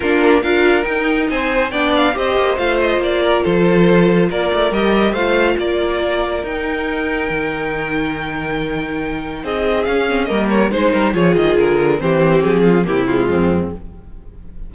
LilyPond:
<<
  \new Staff \with { instrumentName = "violin" } { \time 4/4 \tempo 4 = 140 ais'4 f''4 g''4 gis''4 | g''8 f''8 dis''4 f''8 dis''8 d''4 | c''2 d''4 dis''4 | f''4 d''2 g''4~ |
g''1~ | g''2 dis''4 f''4 | dis''8 cis''8 c''4 cis''8 dis''8 ais'4 | c''4 gis'4 g'8 f'4. | }
  \new Staff \with { instrumentName = "violin" } { \time 4/4 f'4 ais'2 c''4 | d''4 c''2~ c''8 ais'8 | a'2 ais'2 | c''4 ais'2.~ |
ais'1~ | ais'2 gis'2 | ais'4 c''8 ais'8 gis'2 | g'4. f'8 e'4 c'4 | }
  \new Staff \with { instrumentName = "viola" } { \time 4/4 d'4 f'4 dis'2 | d'4 g'4 f'2~ | f'2. g'4 | f'2. dis'4~ |
dis'1~ | dis'2. cis'8 c'8 | ais4 dis'4 f'2 | c'2 ais8 gis4. | }
  \new Staff \with { instrumentName = "cello" } { \time 4/4 ais4 d'4 dis'4 c'4 | b4 c'8 ais8 a4 ais4 | f2 ais8 a8 g4 | a4 ais2 dis'4~ |
dis'4 dis2.~ | dis2 c'4 cis'4 | g4 gis8 g8 f8 dis8 d4 | e4 f4 c4 f,4 | }
>>